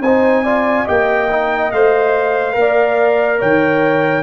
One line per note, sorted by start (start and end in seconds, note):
0.00 0.85 C4
0.00 0.45 D#4
0.00 0.43 C5
0.00 0.87 G#5
0.43 0.86 F4
0.43 0.85 D5
0.85 1.72 A#3
0.85 1.28 G4
0.85 2.54 D#5
0.85 1.71 G5
1.30 1.73 D#4
1.71 2.56 A3
1.71 2.53 C5
1.71 3.40 F5
2.53 3.41 A#3
2.53 4.22 A#4
2.60 3.39 D5
3.39 4.23 D#3
3.39 4.23 C#5
3.39 4.23 G5